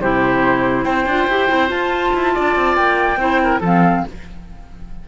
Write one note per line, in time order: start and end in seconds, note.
0.00 0.85 C3
0.00 1.08 E4
0.00 0.84 G4
0.00 0.84 C5
0.84 1.05 C4
0.84 2.33 C5
0.84 1.69 G5
1.05 1.27 D4
1.05 1.30 F4
1.27 1.48 E4
1.27 1.48 G4
1.48 1.70 C4
1.48 1.67 E4
1.67 3.16 F4
1.67 2.13 F4
1.67 2.75 A5
2.14 2.35 E4
2.34 2.55 D4
2.34 3.19 D5
2.55 2.76 C4
2.75 3.16 A#3
2.75 3.61 G5
3.16 3.59 C4
3.16 3.62 E4
3.16 3.41 C5
3.43 3.59 A#4
3.59 4.03 F3
3.59 4.06 C4
3.59 4.02 A4
3.59 4.08 F5